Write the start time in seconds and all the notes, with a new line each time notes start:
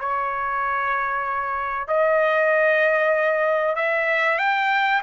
0.00 C#5
1.88 D#5
3.76 E5
4.39 G5